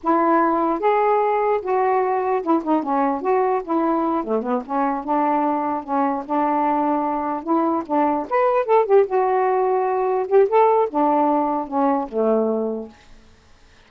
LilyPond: \new Staff \with { instrumentName = "saxophone" } { \time 4/4 \tempo 4 = 149 e'2 gis'2 | fis'2 e'8 dis'8 cis'4 | fis'4 e'4. a8 b8 cis'8~ | cis'8 d'2 cis'4 d'8~ |
d'2~ d'8 e'4 d'8~ | d'8 b'4 a'8 g'8 fis'4.~ | fis'4. g'8 a'4 d'4~ | d'4 cis'4 a2 | }